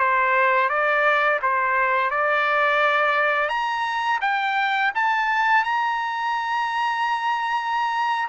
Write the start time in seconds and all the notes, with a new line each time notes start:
0.00 C5
0.70 D5
1.42 C5
2.11 D5
3.49 A#5
4.22 G5
4.95 A5
5.64 A#5